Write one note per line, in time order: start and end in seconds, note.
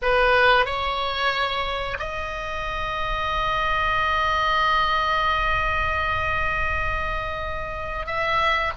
0.01 0.65 B4
0.65 1.97 C#5
1.99 8.06 D#5
8.06 8.72 E5